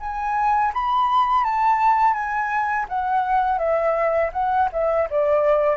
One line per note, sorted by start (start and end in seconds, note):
0.00 0.72 G#5
0.74 1.44 B5
1.44 2.14 A5
2.14 2.86 G#5
2.89 3.58 F#5
3.58 4.31 E5
4.33 4.69 F#5
4.72 5.08 E5
5.10 5.77 D5